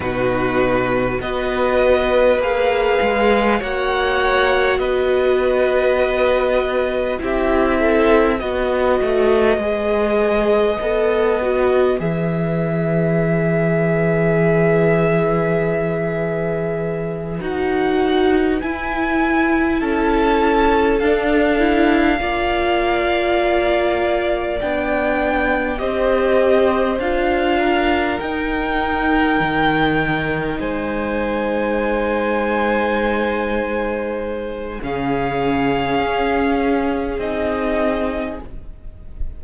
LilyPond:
<<
  \new Staff \with { instrumentName = "violin" } { \time 4/4 \tempo 4 = 50 b'4 dis''4 f''4 fis''4 | dis''2 e''4 dis''4~ | dis''2 e''2~ | e''2~ e''8 fis''4 gis''8~ |
gis''8 a''4 f''2~ f''8~ | f''8 g''4 dis''4 f''4 g''8~ | g''4. gis''2~ gis''8~ | gis''4 f''2 dis''4 | }
  \new Staff \with { instrumentName = "violin" } { \time 4/4 fis'4 b'2 cis''4 | b'2 g'8 a'8 b'4~ | b'1~ | b'1~ |
b'8 a'2 d''4.~ | d''4. c''4. ais'4~ | ais'4. c''2~ c''8~ | c''4 gis'2. | }
  \new Staff \with { instrumentName = "viola" } { \time 4/4 dis'4 fis'4 gis'4 fis'4~ | fis'2 e'4 fis'4 | gis'4 a'8 fis'8 gis'2~ | gis'2~ gis'8 fis'4 e'8~ |
e'4. d'8 e'8 f'4.~ | f'8 d'4 g'4 f'4 dis'8~ | dis'1~ | dis'4 cis'2 dis'4 | }
  \new Staff \with { instrumentName = "cello" } { \time 4/4 b,4 b4 ais8 gis8 ais4 | b2 c'4 b8 a8 | gis4 b4 e2~ | e2~ e8 dis'4 e'8~ |
e'8 cis'4 d'4 ais4.~ | ais8 b4 c'4 d'4 dis'8~ | dis'8 dis4 gis2~ gis8~ | gis4 cis4 cis'4 c'4 | }
>>